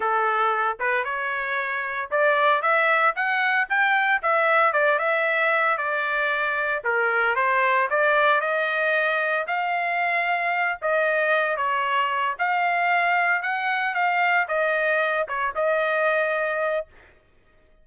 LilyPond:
\new Staff \with { instrumentName = "trumpet" } { \time 4/4 \tempo 4 = 114 a'4. b'8 cis''2 | d''4 e''4 fis''4 g''4 | e''4 d''8 e''4. d''4~ | d''4 ais'4 c''4 d''4 |
dis''2 f''2~ | f''8 dis''4. cis''4. f''8~ | f''4. fis''4 f''4 dis''8~ | dis''4 cis''8 dis''2~ dis''8 | }